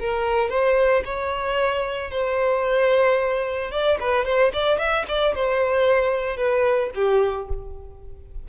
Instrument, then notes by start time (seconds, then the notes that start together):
violin
0.00 A#4
0.50 C5
1.05 C#5
2.11 C5
3.72 D5
4.00 B4
4.25 C5
4.53 D5
4.79 E5
5.09 D5
5.35 C5
6.37 B4
6.95 G4